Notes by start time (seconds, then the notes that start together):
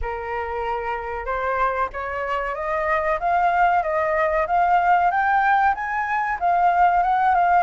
0.01 A#4
1.25 C5
1.93 C#5
2.54 D#5
3.19 F5
3.82 D#5
4.47 F5
5.10 G5
5.74 G#5
6.39 F5
7.02 F#5
7.34 F5